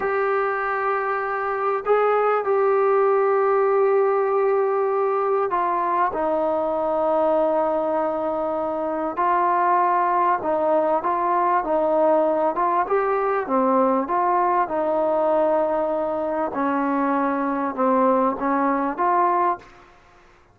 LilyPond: \new Staff \with { instrumentName = "trombone" } { \time 4/4 \tempo 4 = 98 g'2. gis'4 | g'1~ | g'4 f'4 dis'2~ | dis'2. f'4~ |
f'4 dis'4 f'4 dis'4~ | dis'8 f'8 g'4 c'4 f'4 | dis'2. cis'4~ | cis'4 c'4 cis'4 f'4 | }